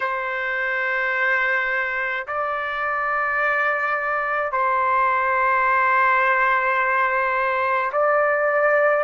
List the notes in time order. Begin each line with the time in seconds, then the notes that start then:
0.00 C5
2.26 D5
4.52 C5
7.92 D5